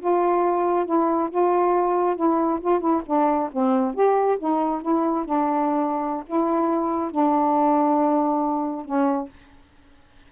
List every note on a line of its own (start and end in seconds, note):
0.00 0.86 F4
0.86 1.29 E4
1.30 2.16 F4
2.16 2.60 E4
2.61 2.80 F4
2.80 3.02 E4
3.06 3.50 D4
3.52 3.94 C4
3.94 4.38 G4
4.38 4.82 D#4
4.82 5.25 E4
5.25 6.24 D4
6.26 7.11 E4
7.11 8.85 D4
8.85 9.29 C#4